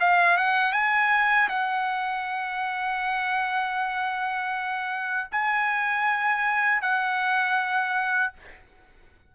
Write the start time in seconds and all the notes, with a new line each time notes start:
0.00 F5
0.37 F#5
0.72 G#5
1.49 F#5
5.32 G#5
6.81 F#5